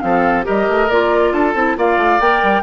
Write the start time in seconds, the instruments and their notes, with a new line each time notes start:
0.00 bassoon F3, clarinet C4, oboe A4, flute F5
0.43 bassoon G3, clarinet G4, oboe A#4, flute D#5
0.68 bassoon A3
0.89 bassoon A#3, clarinet F4, flute D5
1.32 bassoon D4, oboe A4, flute A5
1.54 bassoon C4, clarinet E4
1.77 bassoon A#3, clarinet F4, oboe D5, flute F5
1.97 bassoon A3
2.19 bassoon A#3, clarinet A#4, flute G5
2.42 bassoon G3